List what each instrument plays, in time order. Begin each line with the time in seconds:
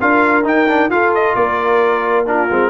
0.00 tuba D4, trombone F4, horn A#4, trumpet F5
0.44 trombone D#4, tuba D#4, trumpet G5
0.67 trombone D4
0.89 tuba F4, trombone F4, horn A4, trumpet F5
1.14 trumpet D#5
1.35 tuba A#3, horn A#4, trumpet D5
2.26 trombone D4, horn F4, trumpet A#4
2.50 tuba G#3, trombone C4